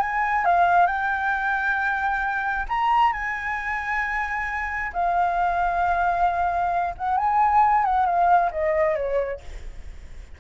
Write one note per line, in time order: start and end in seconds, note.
0.00 0.45 G#5
0.45 0.86 F5
0.86 2.66 G5
2.69 3.13 A#5
3.13 4.92 G#5
4.93 6.95 F5
6.97 7.17 F#5
7.17 7.85 G#5
7.85 8.06 F#5
8.06 8.51 F5
8.52 8.96 D#5
8.96 9.40 C#5